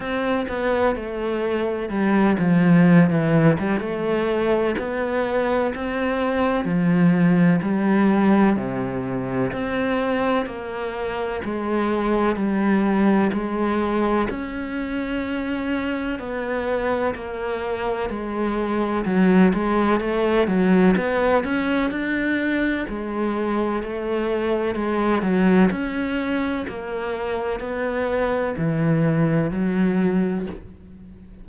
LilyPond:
\new Staff \with { instrumentName = "cello" } { \time 4/4 \tempo 4 = 63 c'8 b8 a4 g8 f8. e8 g16 | a4 b4 c'4 f4 | g4 c4 c'4 ais4 | gis4 g4 gis4 cis'4~ |
cis'4 b4 ais4 gis4 | fis8 gis8 a8 fis8 b8 cis'8 d'4 | gis4 a4 gis8 fis8 cis'4 | ais4 b4 e4 fis4 | }